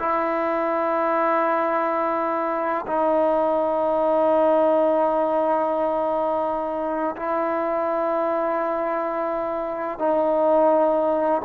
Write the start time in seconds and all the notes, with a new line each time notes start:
0.00 E4
2.87 D#4
7.16 E4
9.99 D#4